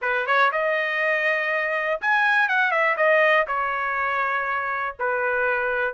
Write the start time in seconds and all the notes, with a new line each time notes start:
0.01 B4
0.26 C#5
0.52 D#5
2.01 G#5
2.48 F#5
2.71 E5
2.96 D#5
3.47 C#5
4.99 B4